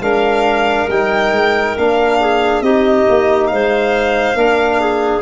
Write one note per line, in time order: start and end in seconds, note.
0.00 0.87 G#3
0.00 0.90 D4
0.00 2.20 A#4
0.00 0.90 F5
0.89 1.32 G3
0.89 1.78 D#4
0.89 1.78 G5
1.32 1.75 G#3
1.77 2.62 A#3
1.77 2.64 D4
1.77 2.62 F5
2.20 2.64 G#4
2.62 3.05 C4
2.62 4.36 D#4
2.62 3.51 G4
2.62 3.47 D#5
3.09 3.52 A#3
3.47 4.35 G#3
3.47 4.38 C5
3.47 5.21 F5
4.35 5.22 A#3
4.35 5.22 D4
4.35 4.80 A#4
4.80 5.22 G#4